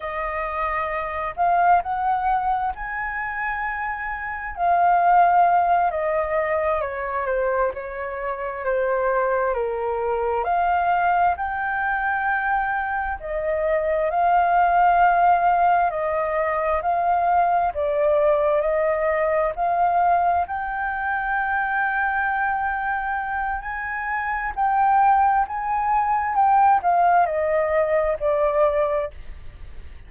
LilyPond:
\new Staff \with { instrumentName = "flute" } { \time 4/4 \tempo 4 = 66 dis''4. f''8 fis''4 gis''4~ | gis''4 f''4. dis''4 cis''8 | c''8 cis''4 c''4 ais'4 f''8~ | f''8 g''2 dis''4 f''8~ |
f''4. dis''4 f''4 d''8~ | d''8 dis''4 f''4 g''4.~ | g''2 gis''4 g''4 | gis''4 g''8 f''8 dis''4 d''4 | }